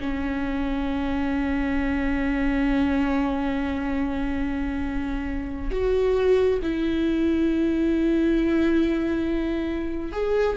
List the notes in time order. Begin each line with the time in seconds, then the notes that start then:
0.00 C#4
5.71 F#4
6.62 E4
10.12 G#4